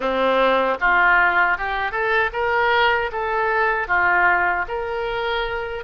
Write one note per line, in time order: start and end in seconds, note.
0.00 0.78 C4
0.80 1.57 F4
1.57 1.91 G4
1.91 2.30 A4
2.32 3.10 A#4
3.12 3.87 A4
3.87 4.65 F4
4.68 5.83 A#4